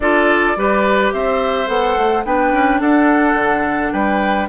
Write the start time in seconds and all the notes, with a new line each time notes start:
0.00 D4 F4 A4 D5
0.56 G3 G4 B4
1.11 C4 C5 E5
1.67 B3 A4 F#5
1.97 A3
2.24 B3 D4 B4 G5
2.52 C#4
2.80 D4 A4 F#5
3.34 D3
3.92 G3 B4 G5